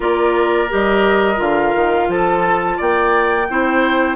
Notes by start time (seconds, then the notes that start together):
0.00 A#3 F4 A#4 D5
0.69 G3 G4 D#5
1.35 D3 F4 F5
1.75 D#3
2.08 F3 A4 A5
2.77 A#3 D5 G5
3.49 C4 E4 C5